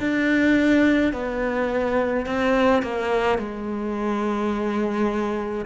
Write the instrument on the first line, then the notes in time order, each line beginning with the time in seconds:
cello
0.00 D4
1.12 B3
2.25 C4
2.82 A#3
3.38 G#3